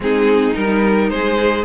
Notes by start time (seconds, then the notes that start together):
0.00 G#3 C4 D#4 G#4
0.54 G3 D#4 A#4
1.09 G#3 G#4 C5